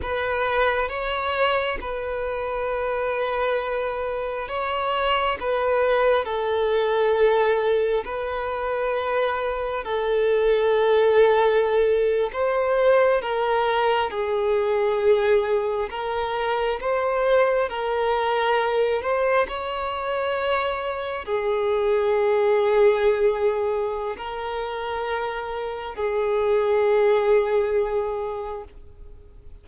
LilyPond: \new Staff \with { instrumentName = "violin" } { \time 4/4 \tempo 4 = 67 b'4 cis''4 b'2~ | b'4 cis''4 b'4 a'4~ | a'4 b'2 a'4~ | a'4.~ a'16 c''4 ais'4 gis'16~ |
gis'4.~ gis'16 ais'4 c''4 ais'16~ | ais'4~ ais'16 c''8 cis''2 gis'16~ | gis'2. ais'4~ | ais'4 gis'2. | }